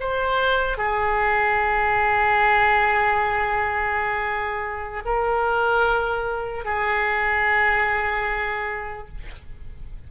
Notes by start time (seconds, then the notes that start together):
0.00 C5
0.78 G#4
5.06 A#4
6.65 G#4